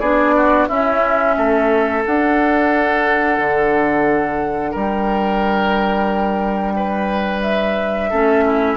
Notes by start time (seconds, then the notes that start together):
0.00 B3 D4 G#4 D5
0.36 F#4
0.68 C#4 E4 E5
1.37 A3 A4
2.04 D4 F#5
3.38 D3
4.71 G3 A#4 G5
6.76 B4
7.42 E5
8.10 A3 C#4 A4
8.45 E4